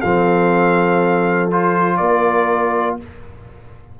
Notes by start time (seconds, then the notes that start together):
0.00 F3 C4 A4 F5
1.51 F4 C5
1.97 A#3 A#4 D5